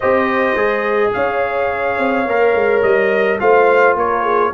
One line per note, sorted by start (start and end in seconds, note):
0.00 0.54 C4
0.00 0.56 G4
0.00 1.11 C5
0.00 1.12 D#5
0.54 1.11 G#3
0.54 2.26 G#4
1.13 1.98 C#4
1.13 3.40 C#5
1.13 2.82 F5
1.98 2.26 C4
2.26 2.54 A#3
2.26 3.39 A#4
2.54 2.82 G#3
2.82 3.39 G3
2.82 3.38 D#5
3.39 3.95 A3
3.39 4.52 F4
3.39 3.96 C5
3.39 3.96 F5
3.95 4.51 A#3
3.95 4.22 A#4
3.95 4.53 C#5
4.22 4.51 G#4